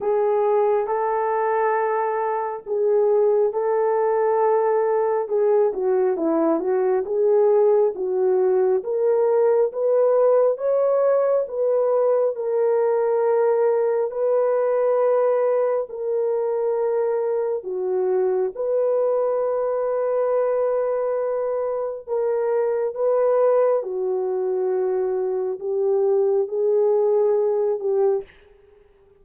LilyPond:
\new Staff \with { instrumentName = "horn" } { \time 4/4 \tempo 4 = 68 gis'4 a'2 gis'4 | a'2 gis'8 fis'8 e'8 fis'8 | gis'4 fis'4 ais'4 b'4 | cis''4 b'4 ais'2 |
b'2 ais'2 | fis'4 b'2.~ | b'4 ais'4 b'4 fis'4~ | fis'4 g'4 gis'4. g'8 | }